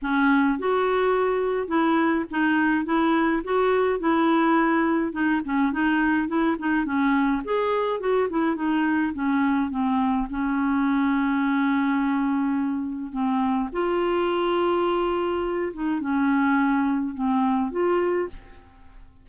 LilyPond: \new Staff \with { instrumentName = "clarinet" } { \time 4/4 \tempo 4 = 105 cis'4 fis'2 e'4 | dis'4 e'4 fis'4 e'4~ | e'4 dis'8 cis'8 dis'4 e'8 dis'8 | cis'4 gis'4 fis'8 e'8 dis'4 |
cis'4 c'4 cis'2~ | cis'2. c'4 | f'2.~ f'8 dis'8 | cis'2 c'4 f'4 | }